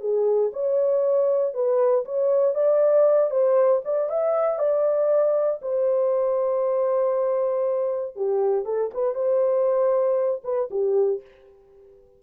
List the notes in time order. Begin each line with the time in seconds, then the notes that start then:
0.00 G#4
0.53 C#5
1.54 B4
2.05 C#5
2.54 D5
3.31 C5
3.85 D5
4.09 E5
4.59 D5
5.62 C5
8.16 G4
8.65 A4
8.94 B4
9.15 C5
10.44 B4
10.70 G4